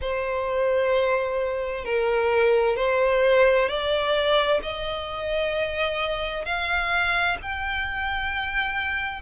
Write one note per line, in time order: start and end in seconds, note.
0.01 1.84 C5
1.84 2.76 A#4
2.76 3.68 C5
3.68 4.61 D5
4.62 6.44 D#5
6.44 7.37 F5
7.41 9.21 G5